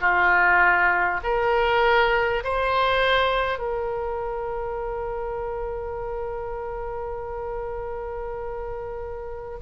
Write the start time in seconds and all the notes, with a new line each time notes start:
0.00 F4
1.23 A#4
2.43 C5
3.58 A#4